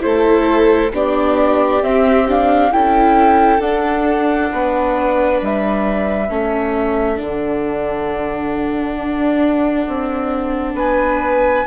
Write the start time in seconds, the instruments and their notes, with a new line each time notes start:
0.00 bassoon A3, viola E4, violin A4, flute C5
0.92 bassoon B3, viola D4, violin G4, flute D5
1.81 bassoon C4, viola C4, flute E5
2.28 viola D4, flute F5
2.72 bassoon C#4, viola E4, violin A4, flute G5
3.59 bassoon D4, viola D4, flute F#5
4.52 bassoon B3, violin B4
5.42 bassoon G3, flute E5
6.29 bassoon A3, viola C#4, violin A4
7.16 bassoon D3, viola D4, flute F#5
8.96 bassoon D4
9.88 bassoon C4
10.74 bassoon B3, violin B4, flute G#5